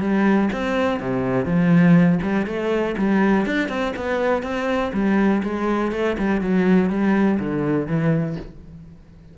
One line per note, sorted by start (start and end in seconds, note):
0.00 0.49 G3
0.52 0.99 C4
0.99 1.45 C3
1.45 2.19 F3
2.22 2.46 G3
2.46 2.95 A3
2.97 3.45 G3
3.45 3.68 D4
3.68 3.93 C4
3.96 4.42 B3
4.42 4.92 C4
4.93 5.42 G3
5.43 5.92 G#3
5.92 6.16 A3
6.18 6.41 G3
6.41 6.90 F#3
6.90 7.39 G3
7.39 7.87 D3
7.87 8.36 E3